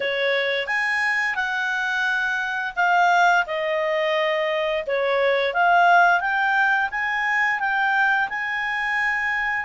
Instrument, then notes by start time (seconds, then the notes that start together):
clarinet
0.00 C#5
0.66 G#5
1.35 F#5
2.76 F5
3.46 D#5
4.87 C#5
5.53 F5
6.20 G5
6.90 G#5
7.59 G5
8.29 G#5